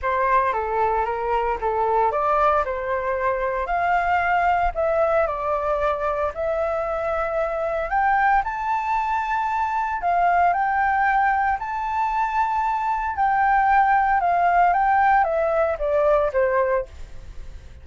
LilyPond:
\new Staff \with { instrumentName = "flute" } { \time 4/4 \tempo 4 = 114 c''4 a'4 ais'4 a'4 | d''4 c''2 f''4~ | f''4 e''4 d''2 | e''2. g''4 |
a''2. f''4 | g''2 a''2~ | a''4 g''2 f''4 | g''4 e''4 d''4 c''4 | }